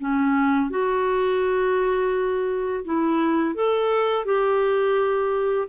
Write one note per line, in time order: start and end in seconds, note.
0.00 0.70 C#4
0.70 2.85 F#4
2.85 3.56 E4
3.56 4.26 A4
4.26 5.69 G4